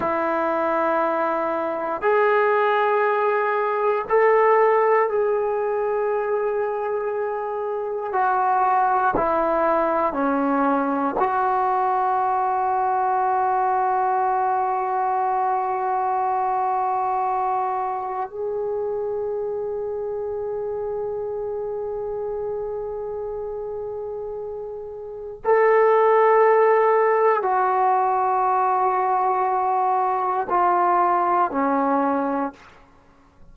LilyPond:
\new Staff \with { instrumentName = "trombone" } { \time 4/4 \tempo 4 = 59 e'2 gis'2 | a'4 gis'2. | fis'4 e'4 cis'4 fis'4~ | fis'1~ |
fis'2 gis'2~ | gis'1~ | gis'4 a'2 fis'4~ | fis'2 f'4 cis'4 | }